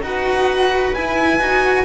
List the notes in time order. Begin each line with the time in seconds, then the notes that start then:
0.00 D#4 F#4 B4 F#5
0.94 E4 G#5
1.38 D#4 F#4